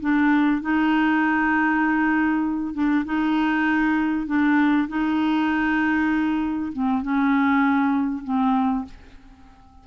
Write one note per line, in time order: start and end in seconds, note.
0.00 0.61 D4
0.61 2.74 D#4
2.74 3.04 D4
3.05 4.26 D#4
4.26 4.88 D4
4.88 6.72 D#4
6.72 7.02 C4
7.02 8.23 C#4
8.23 8.85 C4